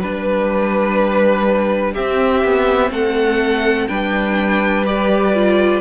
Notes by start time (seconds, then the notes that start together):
0.00 G3 D4 B4
1.92 C4 G4 E5
2.44 B3
2.91 A3 A4 F#5
3.87 G3 D4 B4 G5
4.85 G4 D5
5.34 F4